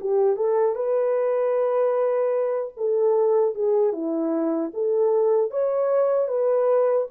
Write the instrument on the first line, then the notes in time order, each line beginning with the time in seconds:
horn
0.00 G4
0.36 A4
0.75 B4
2.76 A4
3.55 G#4
3.93 E4
4.73 A4
5.50 C#5
6.28 B4